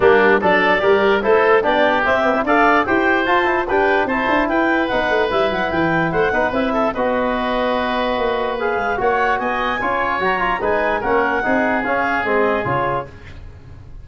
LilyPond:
<<
  \new Staff \with { instrumentName = "clarinet" } { \time 4/4 \tempo 4 = 147 g'4 d''2 c''4 | d''4 e''4 f''4 g''4 | a''4 g''4 a''4 g''4 | fis''4 e''8 fis''8 g''4 fis''4 |
e''4 dis''2.~ | dis''4 f''4 fis''4 gis''4~ | gis''4 ais''4 gis''4 fis''4~ | fis''4 f''4 dis''4 cis''4 | }
  \new Staff \with { instrumentName = "oboe" } { \time 4/4 d'4 a'4 ais'4 a'4 | g'2 d''4 c''4~ | c''4 b'4 c''4 b'4~ | b'2. c''8 b'8~ |
b'8 a'8 b'2.~ | b'2 cis''4 dis''4 | cis''2 b'4 ais'4 | gis'1 | }
  \new Staff \with { instrumentName = "trombone" } { \time 4/4 ais4 d'4 g'4 e'4 | d'4 c'8 b16 e'16 a'4 g'4 | f'8 e'8 d'4 e'2 | dis'4 e'2~ e'8 dis'8 |
e'4 fis'2.~ | fis'4 gis'4 fis'2 | f'4 fis'8 f'8 dis'4 cis'4 | dis'4 cis'4 c'4 f'4 | }
  \new Staff \with { instrumentName = "tuba" } { \time 4/4 g4 fis4 g4 a4 | b4 c'4 d'4 e'4 | f'4 g'4 c'8 d'8 e'4 | b8 a8 g8 fis8 e4 a8 b8 |
c'4 b2. | ais4. gis8 ais4 b4 | cis'4 fis4 gis4 ais4 | c'4 cis'4 gis4 cis4 | }
>>